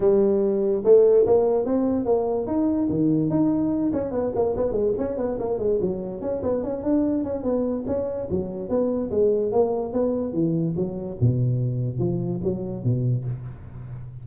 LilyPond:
\new Staff \with { instrumentName = "tuba" } { \time 4/4 \tempo 4 = 145 g2 a4 ais4 | c'4 ais4 dis'4 dis4 | dis'4. cis'8 b8 ais8 b8 gis8 | cis'8 b8 ais8 gis8 fis4 cis'8 b8 |
cis'8 d'4 cis'8 b4 cis'4 | fis4 b4 gis4 ais4 | b4 e4 fis4 b,4~ | b,4 f4 fis4 b,4 | }